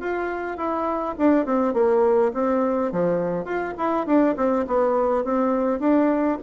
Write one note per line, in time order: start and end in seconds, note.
0.00 0.57 F4
0.57 1.15 E4
1.18 1.45 D4
1.45 1.73 C4
1.73 2.32 A#3
2.34 2.92 C4
2.92 3.44 F3
3.44 3.74 F4
3.77 4.06 E4
4.06 4.36 D4
4.36 4.65 C4
4.67 5.24 B3
5.24 5.80 C4
5.80 6.38 D4